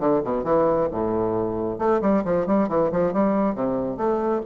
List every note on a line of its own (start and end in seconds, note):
0.00 0.22 D3
0.24 0.44 B2
0.44 0.89 E3
0.92 1.79 A2
1.79 2.01 A3
2.02 2.24 G3
2.25 2.47 F3
2.47 2.69 G3
2.69 2.91 E3
2.92 3.13 F3
3.13 3.55 G3
3.55 3.97 C3
3.97 4.42 A3